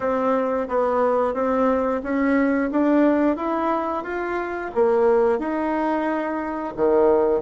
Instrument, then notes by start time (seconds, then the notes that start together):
bassoon
0.00 C4
0.68 B3
1.34 C4
2.03 C#4
2.71 D4
3.36 E4
4.03 F4
4.74 A#3
5.38 D#4
6.76 D#3